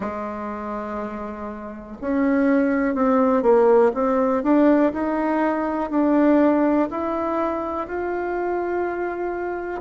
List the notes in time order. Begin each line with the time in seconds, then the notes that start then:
0.00 G#3
2.01 C#4
2.95 C4
3.42 A#3
3.93 C4
4.43 D4
4.92 D#4
5.90 D4
6.90 E4
7.87 F4